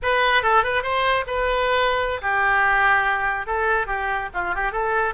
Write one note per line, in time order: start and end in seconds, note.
0.02 0.42 B4
0.42 0.63 A4
0.63 0.82 B4
0.82 1.24 C5
1.26 2.21 B4
2.21 3.46 G4
3.46 3.87 A4
3.87 4.29 G4
4.34 4.54 F4
4.54 4.72 G4
4.72 5.14 A4